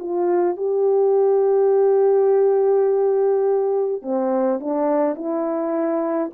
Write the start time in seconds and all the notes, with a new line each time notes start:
0.00 F4
0.57 G4
4.03 C4
4.60 D4
5.16 E4